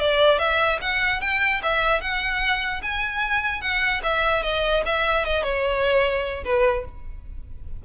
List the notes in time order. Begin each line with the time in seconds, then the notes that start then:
0.00 D5
0.39 E5
0.81 F#5
1.22 G5
1.63 E5
2.01 F#5
2.83 G#5
3.61 F#5
4.04 E5
4.43 D#5
4.86 E5
5.26 D#5
5.44 C#5
6.45 B4